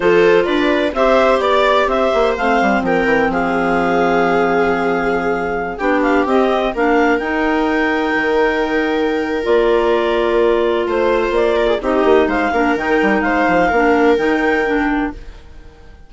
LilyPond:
<<
  \new Staff \with { instrumentName = "clarinet" } { \time 4/4 \tempo 4 = 127 c''4 d''4 e''4 d''4 | e''4 f''4 g''4 f''4~ | f''1~ | f''16 g''8 f''8 dis''4 f''4 g''8.~ |
g''1 | d''2. c''4 | d''4 dis''4 f''4 g''4 | f''2 g''2 | }
  \new Staff \with { instrumentName = "viola" } { \time 4/4 a'4 b'4 c''4 d''4 | c''2 ais'4 gis'4~ | gis'1~ | gis'16 g'2 ais'4.~ ais'16~ |
ais'1~ | ais'2. c''4~ | c''8 ais'16 gis'16 g'4 c''8 ais'4. | c''4 ais'2. | }
  \new Staff \with { instrumentName = "clarinet" } { \time 4/4 f'2 g'2~ | g'4 c'2.~ | c'1~ | c'16 d'4 c'4 d'4 dis'8.~ |
dis'1 | f'1~ | f'4 dis'4. d'8 dis'4~ | dis'4 d'4 dis'4 d'4 | }
  \new Staff \with { instrumentName = "bassoon" } { \time 4/4 f4 d'4 c'4 b4 | c'8 ais8 a8 g8 f8 e8 f4~ | f1~ | f16 b4 c'4 ais4 dis'8.~ |
dis'4~ dis'16 dis2~ dis8. | ais2. a4 | ais4 c'8 ais8 gis8 ais8 dis8 g8 | gis8 f8 ais4 dis2 | }
>>